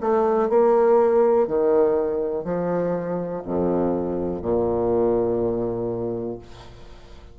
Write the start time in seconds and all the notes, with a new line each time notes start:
0.00 A3
0.49 A#3
1.47 D#3
2.44 F3
3.44 F2
4.42 A#2